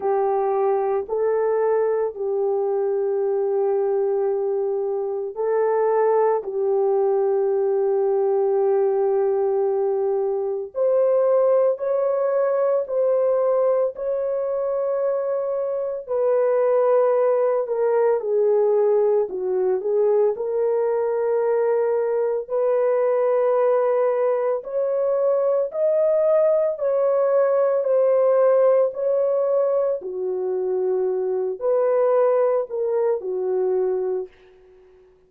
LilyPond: \new Staff \with { instrumentName = "horn" } { \time 4/4 \tempo 4 = 56 g'4 a'4 g'2~ | g'4 a'4 g'2~ | g'2 c''4 cis''4 | c''4 cis''2 b'4~ |
b'8 ais'8 gis'4 fis'8 gis'8 ais'4~ | ais'4 b'2 cis''4 | dis''4 cis''4 c''4 cis''4 | fis'4. b'4 ais'8 fis'4 | }